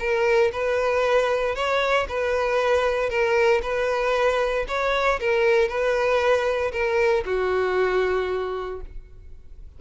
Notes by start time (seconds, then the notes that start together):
0.00 A#4
0.53 B4
1.55 C#5
2.09 B4
3.10 A#4
3.63 B4
4.69 C#5
5.20 A#4
5.69 B4
6.73 A#4
7.26 F#4